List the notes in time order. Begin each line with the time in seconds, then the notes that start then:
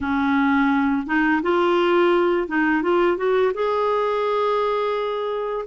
0.00 C#4
1.06 D#4
1.42 F4
2.48 D#4
2.82 F4
3.17 F#4
3.54 G#4